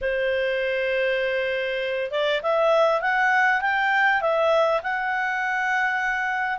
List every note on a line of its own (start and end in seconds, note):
0.01 2.11 C5
2.11 2.41 D5
2.42 3.01 E5
3.01 3.61 F#5
3.61 4.21 G5
4.21 4.81 E5
4.82 6.58 F#5